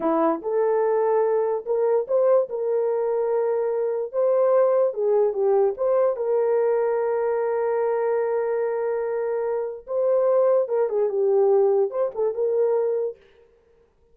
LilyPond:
\new Staff \with { instrumentName = "horn" } { \time 4/4 \tempo 4 = 146 e'4 a'2. | ais'4 c''4 ais'2~ | ais'2 c''2 | gis'4 g'4 c''4 ais'4~ |
ais'1~ | ais'1 | c''2 ais'8 gis'8 g'4~ | g'4 c''8 a'8 ais'2 | }